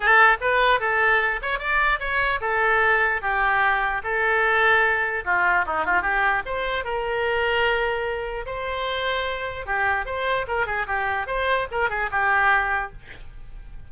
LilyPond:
\new Staff \with { instrumentName = "oboe" } { \time 4/4 \tempo 4 = 149 a'4 b'4 a'4. cis''8 | d''4 cis''4 a'2 | g'2 a'2~ | a'4 f'4 dis'8 f'8 g'4 |
c''4 ais'2.~ | ais'4 c''2. | g'4 c''4 ais'8 gis'8 g'4 | c''4 ais'8 gis'8 g'2 | }